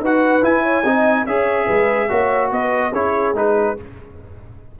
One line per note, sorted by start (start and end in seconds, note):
0.00 0.42 D#4
0.00 0.43 F#4
0.00 0.63 B4
0.00 0.44 F#5
0.42 0.84 E4
0.42 1.26 G#5
0.63 0.83 C#5
0.83 1.26 C4
0.83 1.27 D#4
0.83 1.25 D#5
1.26 1.68 C#4
1.26 2.09 G#4
1.26 1.66 C#5
1.26 2.51 E5
1.66 2.11 G#3
1.66 2.08 B4
2.09 2.52 A#3
2.09 2.92 F#4
2.09 2.51 C#5
2.52 2.92 B3
2.52 2.92 B4
2.52 2.94 D#5
2.92 3.34 C#4
2.92 3.35 E4
2.92 3.76 G#4
2.92 3.35 C#5
3.34 3.76 G#3
3.34 3.77 D#4
3.34 3.79 B4